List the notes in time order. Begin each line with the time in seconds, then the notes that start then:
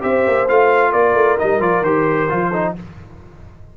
0.00 C4 G4 C5 E5
0.27 A#3
0.48 A3 F4 F5
0.91 A#3 A#4 D5
1.14 A3
1.39 G3 D#4 D#5
1.60 F3 F4 D5
1.81 D#3 G4 C5
2.29 F3 F4
2.49 D#4 A4